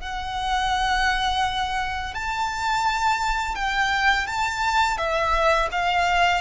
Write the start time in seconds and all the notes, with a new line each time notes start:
0.00 F#5
2.14 A5
3.55 G5
4.27 A5
4.97 E5
5.71 F5